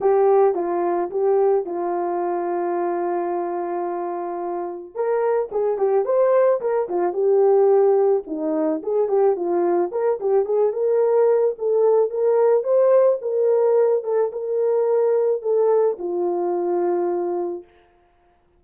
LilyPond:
\new Staff \with { instrumentName = "horn" } { \time 4/4 \tempo 4 = 109 g'4 f'4 g'4 f'4~ | f'1~ | f'4 ais'4 gis'8 g'8 c''4 | ais'8 f'8 g'2 dis'4 |
gis'8 g'8 f'4 ais'8 g'8 gis'8 ais'8~ | ais'4 a'4 ais'4 c''4 | ais'4. a'8 ais'2 | a'4 f'2. | }